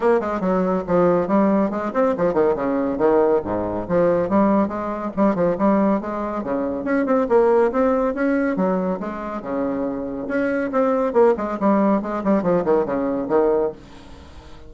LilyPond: \new Staff \with { instrumentName = "bassoon" } { \time 4/4 \tempo 4 = 140 ais8 gis8 fis4 f4 g4 | gis8 c'8 f8 dis8 cis4 dis4 | gis,4 f4 g4 gis4 | g8 f8 g4 gis4 cis4 |
cis'8 c'8 ais4 c'4 cis'4 | fis4 gis4 cis2 | cis'4 c'4 ais8 gis8 g4 | gis8 g8 f8 dis8 cis4 dis4 | }